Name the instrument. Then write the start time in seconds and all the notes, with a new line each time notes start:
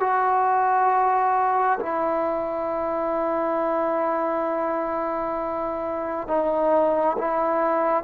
trombone
0.00 F#4
1.80 E4
6.27 D#4
7.18 E4